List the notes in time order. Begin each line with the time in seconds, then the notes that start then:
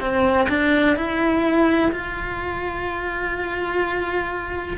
0.00 C4
0.48 D4
0.96 E4
1.92 F4